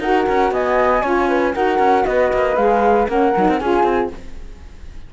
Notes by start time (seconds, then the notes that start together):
0.00 D#4 F#4 A#4 F#5
0.29 C#4
0.51 B3 D#5 G#5
1.02 C#4 F4 C#5
1.29 B4
1.54 D#4 F#4 A#4 F#5
1.79 C#4
2.06 B3 B4 D#5
2.33 A#3
2.56 G#3 G#4 F5
3.09 A#3 C#4 A#4 F#5
3.37 F#3 D#4
3.48 C4
3.60 C#4 F4 G#4 G#5
3.84 C4